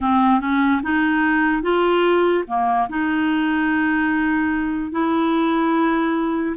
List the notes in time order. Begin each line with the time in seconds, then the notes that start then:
0.00 C4
0.40 C#4
0.83 D#4
1.62 F4
2.47 A#3
2.89 D#4
4.91 E4